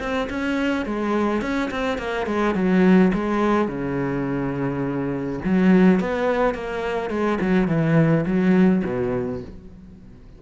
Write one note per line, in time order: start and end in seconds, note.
0.00 0.29 C4
0.30 0.86 C#4
0.86 1.42 G#3
1.42 1.70 C#4
1.71 1.98 C4
1.98 2.27 A#3
2.27 2.55 G#3
2.55 3.12 F#3
3.14 3.68 G#3
3.68 5.40 C#3
5.45 6.00 F#3
6.00 6.55 B3
6.55 7.10 A#3
7.10 7.39 G#3
7.41 7.68 F#3
7.68 8.25 E3
8.26 8.83 F#3
8.85 9.42 B2